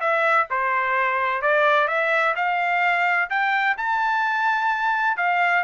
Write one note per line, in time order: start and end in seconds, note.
0.00 0.47 E5
0.50 1.41 C5
1.41 1.87 D5
1.87 2.34 E5
2.36 3.29 F5
3.30 3.76 G5
3.77 5.17 A5
5.17 5.64 F5